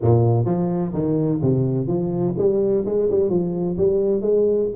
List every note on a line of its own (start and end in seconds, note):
0.02 0.45 A#2
0.45 0.92 F3
0.93 1.40 D#3
1.42 1.87 C3
1.87 2.34 F3
2.37 2.84 G3
2.85 3.09 G#3
3.10 3.29 G3
3.29 3.76 F3
3.77 4.21 G3
4.21 4.68 G#3